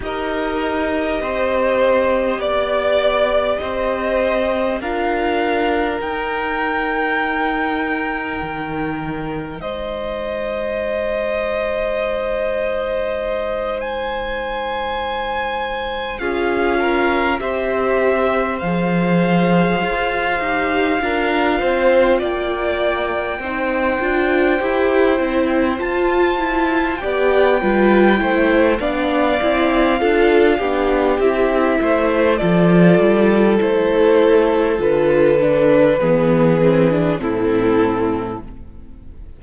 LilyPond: <<
  \new Staff \with { instrumentName = "violin" } { \time 4/4 \tempo 4 = 50 dis''2 d''4 dis''4 | f''4 g''2. | dis''2.~ dis''8 gis''8~ | gis''4. f''4 e''4 f''8~ |
f''2~ f''8 g''4.~ | g''4. a''4 g''4. | f''2 e''4 d''4 | c''4 b'2 a'4 | }
  \new Staff \with { instrumentName = "violin" } { \time 4/4 ais'4 c''4 d''4 c''4 | ais'1 | c''1~ | c''4. gis'8 ais'8 c''4.~ |
c''4. ais'8 c''8 d''4 c''8~ | c''2~ c''8 d''8 b'8 c''8 | d''4 a'8 g'4 c''8 a'4~ | a'2 gis'4 e'4 | }
  \new Staff \with { instrumentName = "viola" } { \time 4/4 g'1 | f'4 dis'2.~ | dis'1~ | dis'4. f'4 g'4 gis'8~ |
gis'4 g'8 f'2 dis'8 | f'8 g'8 e'8 f'8 e'8 g'8 f'8 e'8 | d'8 e'8 f'8 d'8 e'4 f'4 | e'4 f'8 d'8 b8 c'16 d'16 c'4 | }
  \new Staff \with { instrumentName = "cello" } { \time 4/4 dis'4 c'4 b4 c'4 | d'4 dis'2 dis4 | gis1~ | gis4. cis'4 c'4 f8~ |
f8 f'8 dis'8 d'8 c'8 ais4 c'8 | d'8 e'8 c'8 f'4 b8 g8 a8 | b8 c'8 d'8 b8 c'8 a8 f8 g8 | a4 d4 e4 a,4 | }
>>